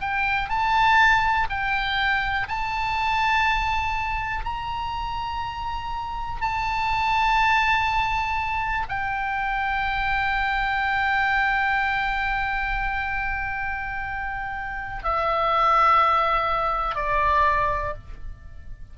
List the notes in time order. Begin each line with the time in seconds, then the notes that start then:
0.00 G5
0.49 A5
1.49 G5
2.48 A5
4.44 A#5
6.41 A5
8.88 G5
15.03 E5
16.95 D5